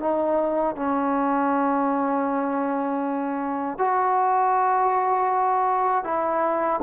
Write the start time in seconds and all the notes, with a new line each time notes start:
0.00 D#4
0.76 C#4
3.78 F#4
6.04 E4